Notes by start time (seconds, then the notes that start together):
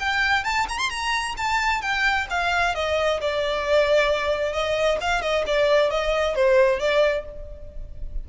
0.00 G5
0.44 A5
0.69 A#5
0.79 C6
0.90 A#5
1.38 A5
1.82 G5
2.30 F5
2.75 D#5
3.21 D5
4.53 D#5
5.01 F5
5.22 D#5
5.47 D5
5.90 D#5
6.36 C5
6.80 D5